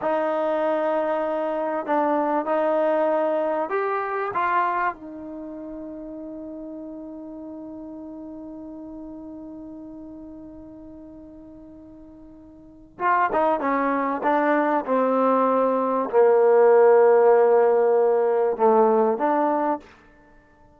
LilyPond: \new Staff \with { instrumentName = "trombone" } { \time 4/4 \tempo 4 = 97 dis'2. d'4 | dis'2 g'4 f'4 | dis'1~ | dis'1~ |
dis'1~ | dis'4 f'8 dis'8 cis'4 d'4 | c'2 ais2~ | ais2 a4 d'4 | }